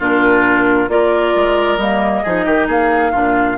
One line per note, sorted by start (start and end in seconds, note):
0.00 0.89 A#2
0.00 0.89 D4
0.00 0.90 F4
0.00 0.90 A#4
0.89 1.33 A#3
0.89 1.79 F4
0.89 2.23 A#4
0.89 1.78 D5
1.36 1.78 G#3
1.78 2.23 G3
1.78 2.26 A#3
1.78 2.68 D#5
2.23 2.46 F3
2.23 3.14 D#4
2.23 2.46 G#4
2.46 2.68 D#3
2.46 2.68 G4
2.68 3.13 A#3
2.68 3.12 G#4
2.68 3.58 F5
3.12 3.58 A#2
3.12 3.58 D4
3.12 3.57 F4